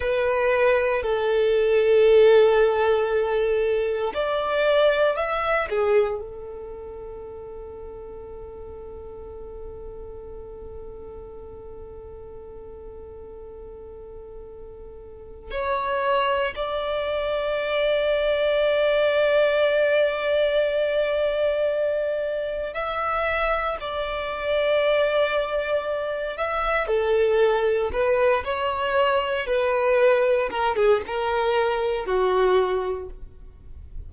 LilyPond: \new Staff \with { instrumentName = "violin" } { \time 4/4 \tempo 4 = 58 b'4 a'2. | d''4 e''8 gis'8 a'2~ | a'1~ | a'2. cis''4 |
d''1~ | d''2 e''4 d''4~ | d''4. e''8 a'4 b'8 cis''8~ | cis''8 b'4 ais'16 gis'16 ais'4 fis'4 | }